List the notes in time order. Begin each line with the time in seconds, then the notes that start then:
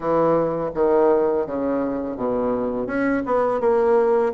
0.00 E3
0.74 D#3
1.46 C#3
2.16 B2
2.86 C#4
3.25 B3
3.60 A#3